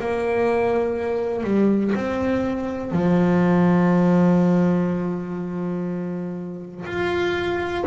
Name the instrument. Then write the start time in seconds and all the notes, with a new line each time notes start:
double bass
0.00 A#3
1.44 G3
1.95 C4
2.92 F3
6.86 F4